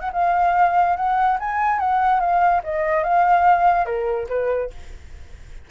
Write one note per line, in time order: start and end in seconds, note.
0.00 0.10 F#5
0.13 0.96 F5
0.96 1.38 F#5
1.40 1.79 G#5
1.79 2.20 F#5
2.20 2.62 F5
2.64 3.04 D#5
3.04 3.85 F5
3.85 4.27 A#4
4.29 4.70 B4